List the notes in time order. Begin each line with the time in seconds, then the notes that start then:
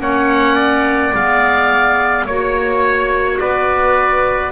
0.00 A#3 C#4 C#5 F#5
0.55 D5
1.14 G#3 B3 F5
2.26 A#3 F#4 C#5
3.40 B3 B4 D5